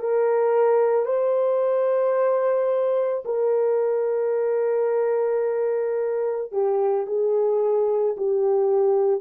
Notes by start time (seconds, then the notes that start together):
0.00 A#4
1.05 C5
3.25 A#4
6.52 G4
7.07 G#4
8.17 G4